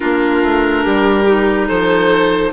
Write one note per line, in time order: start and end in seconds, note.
0.00 0.42 A#3
0.00 1.24 D4
0.00 0.83 F4
0.00 1.68 A#4
0.42 0.85 A3
0.83 1.70 G3
0.83 1.67 G4
1.26 2.52 D#4
1.67 2.52 F3
1.67 2.52 A4
1.67 2.52 C5